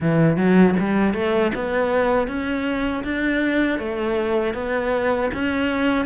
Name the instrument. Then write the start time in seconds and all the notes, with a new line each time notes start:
cello
0.00 E3
0.37 F#3
0.79 G3
1.14 A3
1.54 B3
2.28 C#4
3.04 D4
3.78 A3
4.54 B3
5.34 C#4